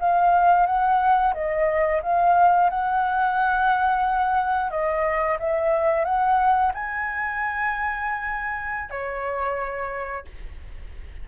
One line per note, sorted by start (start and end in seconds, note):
0.00 0.66 F5
0.66 1.34 F#5
1.34 2.01 D#5
2.03 2.70 F5
2.70 4.71 F#5
4.71 5.38 D#5
5.39 6.05 E5
6.05 6.72 F#5
6.74 8.90 G#5
8.90 10.25 C#5